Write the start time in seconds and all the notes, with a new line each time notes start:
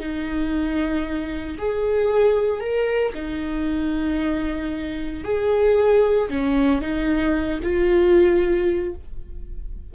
0.00 D#4
1.58 G#4
2.61 A#4
3.14 D#4
5.25 G#4
6.30 C#4
6.82 D#4
7.63 F4